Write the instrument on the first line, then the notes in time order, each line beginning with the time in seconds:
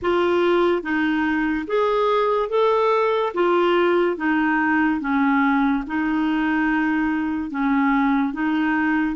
clarinet
0.02 F4
0.82 D#4
1.67 G#4
2.49 A4
3.33 F4
4.17 D#4
5.00 C#4
5.86 D#4
7.50 C#4
8.33 D#4